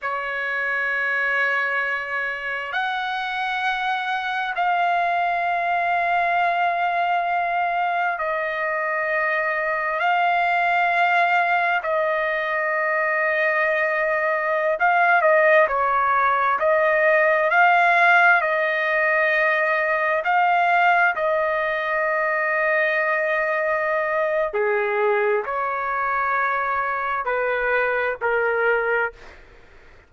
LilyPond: \new Staff \with { instrumentName = "trumpet" } { \time 4/4 \tempo 4 = 66 cis''2. fis''4~ | fis''4 f''2.~ | f''4 dis''2 f''4~ | f''4 dis''2.~ |
dis''16 f''8 dis''8 cis''4 dis''4 f''8.~ | f''16 dis''2 f''4 dis''8.~ | dis''2. gis'4 | cis''2 b'4 ais'4 | }